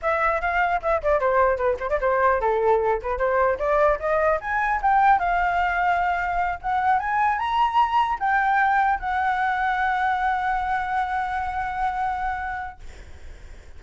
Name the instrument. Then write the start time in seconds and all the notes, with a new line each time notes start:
flute
0.02 E5
0.41 F5
0.81 E5
1.02 D5
1.20 C5
1.57 B4
1.79 C5
1.89 D5
2.00 C5
2.40 A4
3.01 B4
3.17 C5
3.59 D5
3.99 D#5
4.41 G#5
4.82 G5
5.19 F5
6.61 F#5
6.99 G#5
7.38 A#5
8.19 G5
8.99 F#5